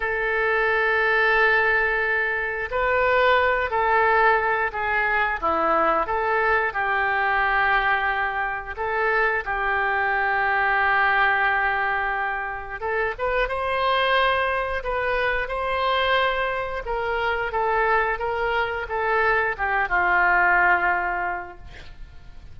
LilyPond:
\new Staff \with { instrumentName = "oboe" } { \time 4/4 \tempo 4 = 89 a'1 | b'4. a'4. gis'4 | e'4 a'4 g'2~ | g'4 a'4 g'2~ |
g'2. a'8 b'8 | c''2 b'4 c''4~ | c''4 ais'4 a'4 ais'4 | a'4 g'8 f'2~ f'8 | }